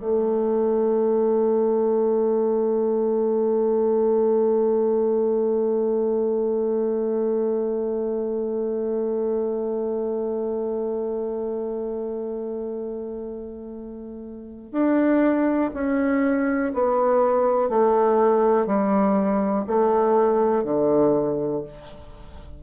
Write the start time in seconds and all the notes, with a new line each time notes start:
0.00 A3
14.72 D4
15.74 C#4
16.73 B3
17.70 A3
18.67 G3
19.67 A3
20.64 D3